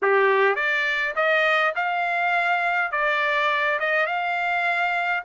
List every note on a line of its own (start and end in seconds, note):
0.02 0.55 G4
0.55 1.14 D5
1.15 1.73 D#5
1.75 2.91 F5
2.91 3.79 D5
3.79 4.06 D#5
4.06 5.23 F5